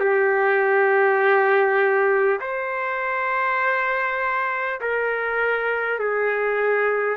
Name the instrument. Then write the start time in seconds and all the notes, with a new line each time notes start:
trumpet
0.00 G4
2.41 C5
4.81 A#4
5.99 G#4